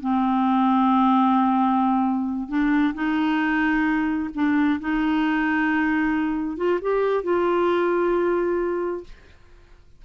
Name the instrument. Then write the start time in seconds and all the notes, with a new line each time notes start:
clarinet
0.00 C4
2.48 D4
2.94 D#4
4.34 D4
4.80 D#4
6.57 F4
6.81 G4
7.23 F4